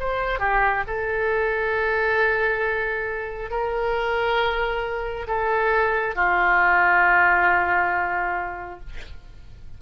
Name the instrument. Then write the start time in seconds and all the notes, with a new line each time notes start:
oboe
0.00 C5
0.40 G4
0.88 A4
3.51 A#4
5.27 A4
6.16 F4